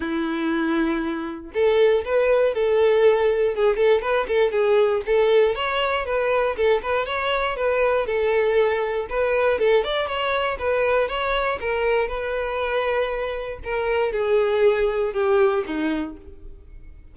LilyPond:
\new Staff \with { instrumentName = "violin" } { \time 4/4 \tempo 4 = 119 e'2. a'4 | b'4 a'2 gis'8 a'8 | b'8 a'8 gis'4 a'4 cis''4 | b'4 a'8 b'8 cis''4 b'4 |
a'2 b'4 a'8 d''8 | cis''4 b'4 cis''4 ais'4 | b'2. ais'4 | gis'2 g'4 dis'4 | }